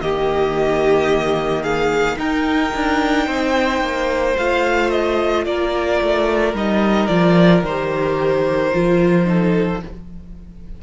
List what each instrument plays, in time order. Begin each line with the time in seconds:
0.00 cello D#3, viola A#3, violin G4 D#5
1.62 violin G#4 F5
2.17 viola D#4, cello D#4, violin A#4 G5
2.75 cello D4
3.26 cello C4, violin C5
3.80 cello A#3
4.37 cello A3, viola F4, violin F5
4.90 violin D#5
5.45 cello A#3, violin A#4 D5
6.01 cello A3
6.53 cello G3, viola D#4, violin D#5
7.07 cello F3, viola F4, violin D5
7.62 cello D#3, viola G4, violin C5
8.71 cello F3, viola F4
9.25 viola D#4, violin A4